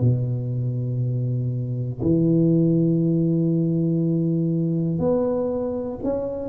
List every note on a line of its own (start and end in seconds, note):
0.00 2.00 B2
2.01 4.99 E3
4.99 5.99 B3
6.03 6.49 C#4